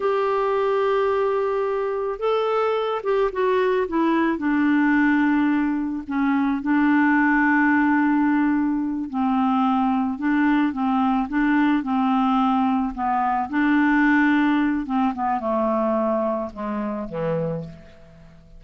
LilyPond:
\new Staff \with { instrumentName = "clarinet" } { \time 4/4 \tempo 4 = 109 g'1 | a'4. g'8 fis'4 e'4 | d'2. cis'4 | d'1~ |
d'8 c'2 d'4 c'8~ | c'8 d'4 c'2 b8~ | b8 d'2~ d'8 c'8 b8 | a2 gis4 e4 | }